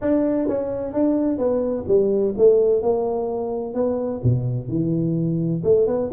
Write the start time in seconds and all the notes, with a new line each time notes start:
0.01 D4
0.48 C#4
0.93 D4
1.38 B3
1.87 G3
2.37 A3
2.82 A#3
3.74 B3
4.23 B2
4.68 E3
5.63 A3
5.86 B3